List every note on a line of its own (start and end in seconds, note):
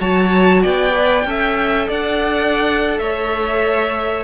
0.00 0.64 F#3
0.00 0.93 F#4
0.00 0.63 C#5
0.00 0.63 A5
0.63 1.25 B3
0.63 1.26 D5
0.63 1.90 G5
0.93 1.25 B4
1.25 1.88 C#4
1.25 4.24 A4
1.25 1.88 E5
1.88 2.99 D4
1.88 2.99 D5
1.88 2.99 F#5
2.99 4.24 A3
2.99 4.24 C#5
2.99 4.24 E5